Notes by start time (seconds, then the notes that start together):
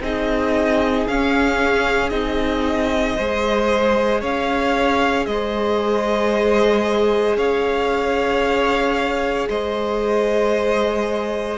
0.00 C4 D#4 G#4 D#5
1.07 C#4 F5
2.09 C4 D#4 D#5
3.15 G#3 G#4 C5
4.21 C#4 C#5 F5
5.26 G#3 C5 D#5
7.37 C#4 C#5 F5
9.49 G#3 C5 D#5